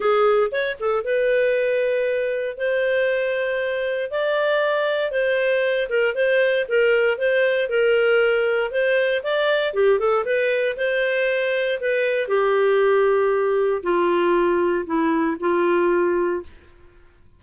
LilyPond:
\new Staff \with { instrumentName = "clarinet" } { \time 4/4 \tempo 4 = 117 gis'4 cis''8 a'8 b'2~ | b'4 c''2. | d''2 c''4. ais'8 | c''4 ais'4 c''4 ais'4~ |
ais'4 c''4 d''4 g'8 a'8 | b'4 c''2 b'4 | g'2. f'4~ | f'4 e'4 f'2 | }